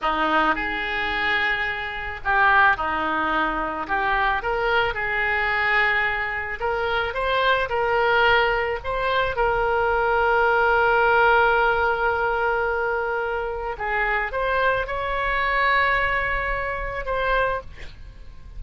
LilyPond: \new Staff \with { instrumentName = "oboe" } { \time 4/4 \tempo 4 = 109 dis'4 gis'2. | g'4 dis'2 g'4 | ais'4 gis'2. | ais'4 c''4 ais'2 |
c''4 ais'2.~ | ais'1~ | ais'4 gis'4 c''4 cis''4~ | cis''2. c''4 | }